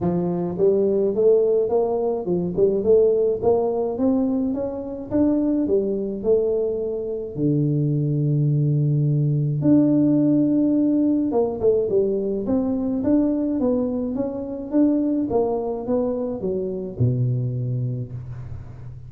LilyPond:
\new Staff \with { instrumentName = "tuba" } { \time 4/4 \tempo 4 = 106 f4 g4 a4 ais4 | f8 g8 a4 ais4 c'4 | cis'4 d'4 g4 a4~ | a4 d2.~ |
d4 d'2. | ais8 a8 g4 c'4 d'4 | b4 cis'4 d'4 ais4 | b4 fis4 b,2 | }